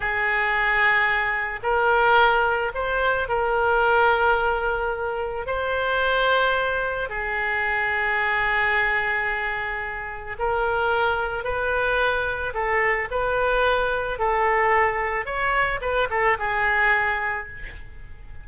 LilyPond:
\new Staff \with { instrumentName = "oboe" } { \time 4/4 \tempo 4 = 110 gis'2. ais'4~ | ais'4 c''4 ais'2~ | ais'2 c''2~ | c''4 gis'2.~ |
gis'2. ais'4~ | ais'4 b'2 a'4 | b'2 a'2 | cis''4 b'8 a'8 gis'2 | }